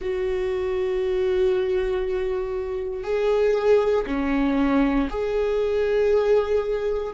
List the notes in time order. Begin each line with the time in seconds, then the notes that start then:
0.01 F#4
3.03 G#4
4.06 C#4
5.10 G#4